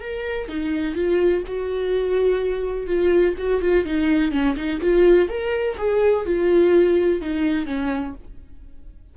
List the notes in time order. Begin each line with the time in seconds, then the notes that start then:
0.00 A#4
0.48 D#4
0.95 F4
1.47 F#4
2.86 F4
3.38 F#4
3.61 F4
3.85 D#4
4.32 C#4
4.56 D#4
4.81 F4
5.28 A#4
5.78 G#4
6.25 F4
7.21 D#4
7.66 C#4